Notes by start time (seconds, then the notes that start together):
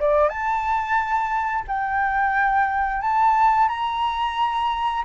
0.00 D5
0.30 A5
1.68 G5
3.02 A5
3.69 A#5